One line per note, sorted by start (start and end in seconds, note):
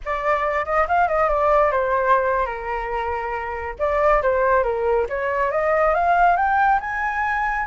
0.05 0.65 D5
0.65 0.87 D#5
0.88 1.08 F5
1.08 1.29 D#5
1.29 1.71 D5
1.71 2.45 C5
2.45 3.75 A#4
3.79 4.22 D5
4.22 4.63 C5
4.63 5.06 A#4
5.09 5.51 C#5
5.51 5.94 D#5
5.94 6.36 F5
6.36 6.79 G5
6.80 7.66 G#5